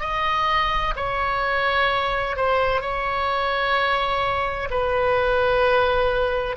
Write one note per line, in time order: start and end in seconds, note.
0.00 0.94 D#5
0.96 2.36 C#5
2.36 2.81 C5
2.81 4.69 C#5
4.70 6.57 B4